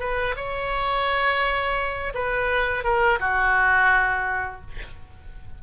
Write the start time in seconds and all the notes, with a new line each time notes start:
0.00 B4
0.37 C#5
2.15 B4
2.84 A#4
3.21 F#4